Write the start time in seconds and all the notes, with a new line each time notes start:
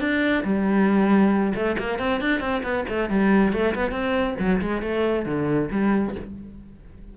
0.00 D4
0.44 G3
1.55 A3
1.79 A#3
1.99 C4
2.21 D4
2.40 C4
2.63 B3
2.89 A3
3.10 G3
3.53 A3
3.75 B3
3.91 C4
4.39 F#3
4.61 G#3
4.82 A3
5.26 D3
5.71 G3